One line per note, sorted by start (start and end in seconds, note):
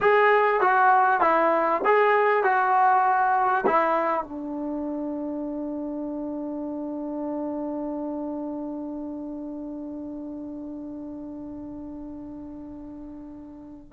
0.00 0.60 G#4
0.60 1.20 F#4
1.20 1.81 E4
1.84 2.43 G#4
2.43 3.64 F#4
3.66 4.23 E4
4.23 13.92 D4